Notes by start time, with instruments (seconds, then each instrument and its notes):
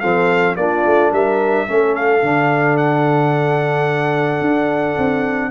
0.00 tuba F3, trombone C4, horn A4, trumpet F5
0.56 tuba A#3, trombone D4, horn F4, trumpet D5
0.85 tuba A3
1.11 tuba G3, horn A#4, trumpet E5
1.67 tuba A3, trombone C#4, horn A4
1.95 trumpet F5
2.22 tuba D3, trombone D4
2.76 trumpet F#5
4.41 tuba D4
4.97 tuba C4